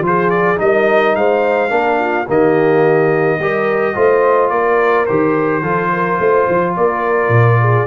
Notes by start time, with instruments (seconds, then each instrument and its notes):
0.00 tuba F3, trombone F4
0.06 horn G#4, trumpet C5
0.30 trumpet D5
0.57 tuba G3, trombone D#4, horn A#4, trumpet D#5
1.16 tuba G#3, horn C5, trumpet F5
1.69 tuba A#3, trombone D4, horn A#4
1.99 horn F4
2.28 tuba D#3, trombone A#3, horn G4, trumpet D#5
3.39 tuba G3, trombone G4, horn A#4
3.95 tuba A3, trombone F4, horn C5
4.50 tuba A#3, horn A#4, trumpet D5
5.06 tuba D#3, trombone G4, trumpet C5
5.62 tuba F3, trombone F4, horn A4
5.93 horn A#4
6.19 tuba A3, horn C5
6.49 tuba F3
6.76 tuba A#3, horn A#4, trumpet D5
7.29 tuba A#2
7.61 horn G#4